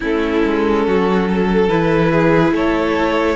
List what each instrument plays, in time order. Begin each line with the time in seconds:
0.00 cello A3, viola C#4, violin E4 A4
0.45 cello G#3
0.87 cello F#3, violin F#4
1.29 violin A4
1.68 cello E3, viola E4, violin B4
2.12 violin G#4
2.51 cello A3, violin A4 C#5